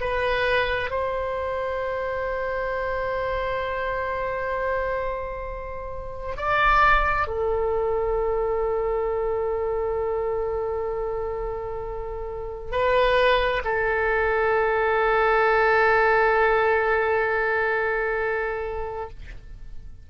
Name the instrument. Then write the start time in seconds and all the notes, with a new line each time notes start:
oboe
0.00 B4
0.90 C5
6.36 D5
7.27 A4
12.71 B4
13.64 A4